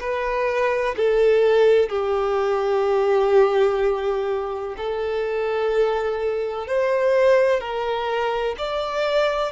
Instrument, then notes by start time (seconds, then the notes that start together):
violin
0.00 B4
0.97 A4
1.90 G4
4.77 A4
6.67 C5
7.61 A#4
8.58 D5